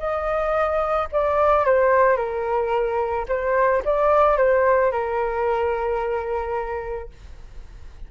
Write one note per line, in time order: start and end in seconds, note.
0.00 1.09 D#5
1.13 1.66 D5
1.66 2.17 C5
2.17 3.27 A#4
3.29 3.83 C5
3.85 4.38 D5
4.38 4.92 C5
4.92 7.10 A#4